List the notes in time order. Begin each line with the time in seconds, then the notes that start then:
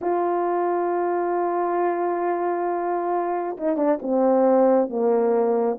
0.01 F4
3.57 D#4
3.77 D4
4.02 C4
4.89 A#3